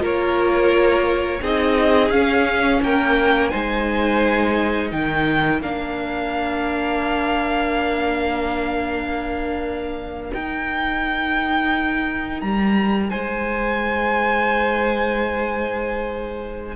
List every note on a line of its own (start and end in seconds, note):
0.00 1.40 A#3
0.00 1.40 F4
0.00 1.40 A#4
0.00 1.44 C#5
1.42 2.10 C4
1.42 2.13 D#4
1.42 2.81 G#4
1.42 2.11 D#5
2.10 2.80 C#4
2.10 3.51 C#4
2.10 2.80 F5
2.83 3.52 A#3
2.83 3.50 A#4
2.83 3.48 G5
3.48 4.92 G#3
3.48 5.61 D#4
3.48 4.90 C5
3.48 4.88 G#5
4.90 5.61 D#3
4.90 13.10 A#4
4.90 5.62 G5
5.61 10.32 A#3
5.61 10.32 D4
5.61 10.33 F5
10.32 16.76 D#4
10.32 12.42 D#4
10.32 12.40 G5
12.40 13.12 G3
12.40 13.10 A#5
13.10 16.76 G#3
13.10 16.76 C5
13.10 16.76 G#5